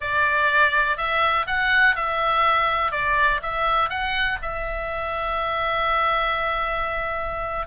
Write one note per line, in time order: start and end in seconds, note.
0.00 0.97 D5
0.97 1.46 E5
1.46 1.95 F#5
1.95 2.91 E5
2.91 3.40 D5
3.42 3.89 E5
3.89 4.38 F#5
4.41 7.67 E5